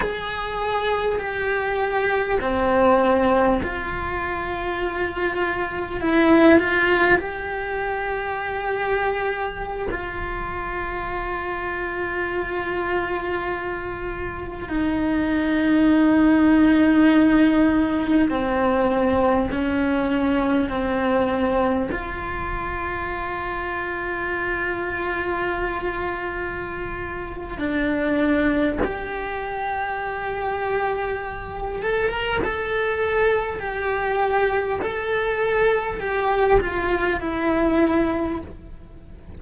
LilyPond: \new Staff \with { instrumentName = "cello" } { \time 4/4 \tempo 4 = 50 gis'4 g'4 c'4 f'4~ | f'4 e'8 f'8 g'2~ | g'16 f'2.~ f'8.~ | f'16 dis'2. c'8.~ |
c'16 cis'4 c'4 f'4.~ f'16~ | f'2. d'4 | g'2~ g'8 a'16 ais'16 a'4 | g'4 a'4 g'8 f'8 e'4 | }